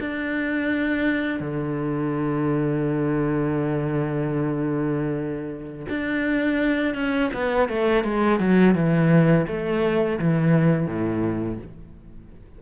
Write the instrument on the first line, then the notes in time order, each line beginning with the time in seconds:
cello
0.00 D4
1.40 D3
5.89 D4
6.94 C#4
7.34 B3
7.69 A3
8.04 G#3
8.40 F#3
8.75 E3
9.47 A3
10.19 E3
10.87 A2